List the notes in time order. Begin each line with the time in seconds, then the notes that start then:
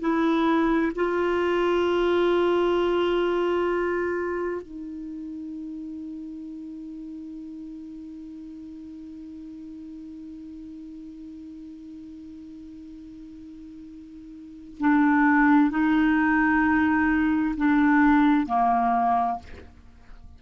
0.00 E4
0.96 F4
4.62 D#4
14.80 D4
15.71 D#4
17.57 D4
18.47 A#3